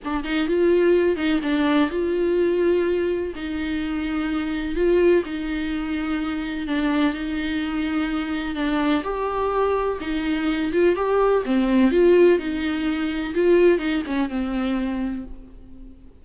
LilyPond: \new Staff \with { instrumentName = "viola" } { \time 4/4 \tempo 4 = 126 d'8 dis'8 f'4. dis'8 d'4 | f'2. dis'4~ | dis'2 f'4 dis'4~ | dis'2 d'4 dis'4~ |
dis'2 d'4 g'4~ | g'4 dis'4. f'8 g'4 | c'4 f'4 dis'2 | f'4 dis'8 cis'8 c'2 | }